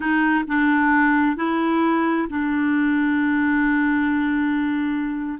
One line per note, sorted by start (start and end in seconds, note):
0.00 0.44 D#4
0.47 1.36 D4
1.36 2.28 E4
2.29 5.38 D4